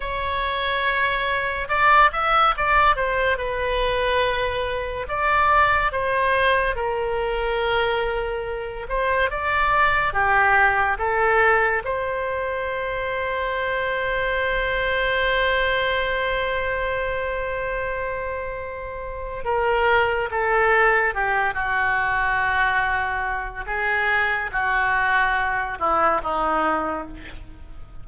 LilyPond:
\new Staff \with { instrumentName = "oboe" } { \time 4/4 \tempo 4 = 71 cis''2 d''8 e''8 d''8 c''8 | b'2 d''4 c''4 | ais'2~ ais'8 c''8 d''4 | g'4 a'4 c''2~ |
c''1~ | c''2. ais'4 | a'4 g'8 fis'2~ fis'8 | gis'4 fis'4. e'8 dis'4 | }